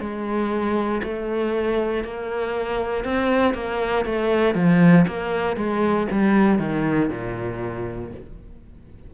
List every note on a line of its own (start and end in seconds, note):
0.00 1.02 G#3
1.03 2.04 A3
2.04 3.05 A#3
3.05 3.54 C4
3.54 4.05 A#3
4.05 4.55 A3
4.55 5.06 F3
5.07 5.57 A#3
5.57 6.07 G#3
6.11 6.59 G3
6.59 7.10 D#3
7.10 8.11 A#2